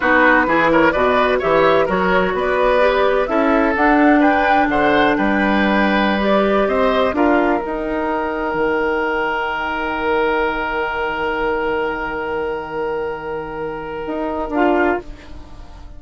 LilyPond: <<
  \new Staff \with { instrumentName = "flute" } { \time 4/4 \tempo 4 = 128 b'4. cis''8 d''4 e''4 | cis''4 d''2 e''4 | fis''4 g''4 fis''4 g''4~ | g''4~ g''16 d''4 dis''4 f''8.~ |
f''16 g''2.~ g''8.~ | g''1~ | g''1~ | g''2. f''4 | }
  \new Staff \with { instrumentName = "oboe" } { \time 4/4 fis'4 gis'8 ais'8 b'4 cis''4 | ais'4 b'2 a'4~ | a'4 b'4 c''4 b'4~ | b'2~ b'16 c''4 ais'8.~ |
ais'1~ | ais'1~ | ais'1~ | ais'1 | }
  \new Staff \with { instrumentName = "clarinet" } { \time 4/4 dis'4 e'4 fis'4 g'4 | fis'2 g'4 e'4 | d'1~ | d'4~ d'16 g'2 f'8.~ |
f'16 dis'2.~ dis'8.~ | dis'1~ | dis'1~ | dis'2. f'4 | }
  \new Staff \with { instrumentName = "bassoon" } { \time 4/4 b4 e4 b,4 e4 | fis4 b2 cis'4 | d'2 d4 g4~ | g2~ g16 c'4 d'8.~ |
d'16 dis'2 dis4.~ dis16~ | dis1~ | dis1~ | dis2 dis'4 d'4 | }
>>